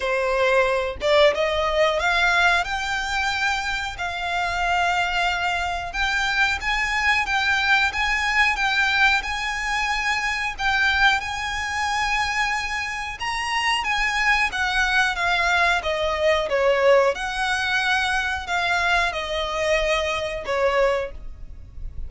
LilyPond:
\new Staff \with { instrumentName = "violin" } { \time 4/4 \tempo 4 = 91 c''4. d''8 dis''4 f''4 | g''2 f''2~ | f''4 g''4 gis''4 g''4 | gis''4 g''4 gis''2 |
g''4 gis''2. | ais''4 gis''4 fis''4 f''4 | dis''4 cis''4 fis''2 | f''4 dis''2 cis''4 | }